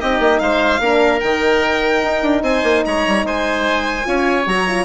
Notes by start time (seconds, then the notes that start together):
0.00 C4 D#4 G4 D#5
0.19 A#3
0.39 G#3 C5 F5
0.80 A#3 D4 A#4
1.20 D#3 D#4 G5
2.03 D#4
2.22 D4
2.42 C4 C5 G#5
2.63 A#3
2.85 G#3 C#5 A#5
3.07 G3
3.23 G#3 C5 G#5
4.04 C#4 F4 C#5
4.46 F#3 F#4 A#5
4.67 F4